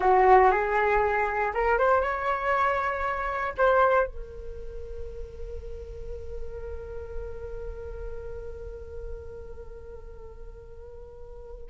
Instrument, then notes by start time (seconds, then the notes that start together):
flute
0.00 F#4
0.51 G#4
1.54 A#4
1.78 C5
2.01 C#5
3.57 C5
4.06 A#4